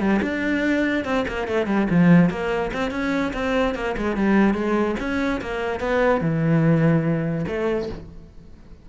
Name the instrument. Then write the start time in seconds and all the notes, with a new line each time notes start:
cello
0.00 G3
0.22 D4
1.05 C4
1.28 A#3
1.48 A3
1.67 G3
1.90 F3
2.30 A#3
2.73 C4
2.91 C#4
3.34 C4
3.75 A#3
3.97 G#3
4.17 G3
4.54 G#3
5.00 C#4
5.42 A#3
5.80 B3
6.21 E3
7.48 A3